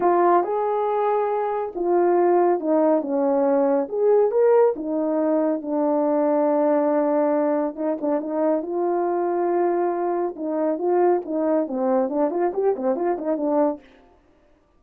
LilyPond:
\new Staff \with { instrumentName = "horn" } { \time 4/4 \tempo 4 = 139 f'4 gis'2. | f'2 dis'4 cis'4~ | cis'4 gis'4 ais'4 dis'4~ | dis'4 d'2.~ |
d'2 dis'8 d'8 dis'4 | f'1 | dis'4 f'4 dis'4 c'4 | d'8 f'8 g'8 c'8 f'8 dis'8 d'4 | }